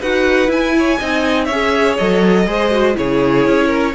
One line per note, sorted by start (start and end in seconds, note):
0.00 0.49 D#4
0.00 0.48 F#4
0.00 0.74 B4
0.00 0.51 F#5
0.48 0.97 E4
0.48 0.98 E4
0.48 1.45 G#5
0.79 1.00 C#5
1.00 1.49 C4
1.00 1.51 D#4
1.00 1.46 D#5
1.45 1.98 C#4
1.45 2.44 C#5
1.45 1.94 E5
1.52 2.00 G#4
1.98 2.47 F#3
1.98 2.47 A4
1.98 2.96 D#5
2.47 2.96 G#3
2.47 2.72 G#4
2.47 2.98 C5
2.72 2.95 F#4
2.95 3.47 C#3
2.95 3.93 E4
2.95 3.67 G#4
2.95 3.95 C#5
3.47 3.95 C#4
3.67 3.92 A#4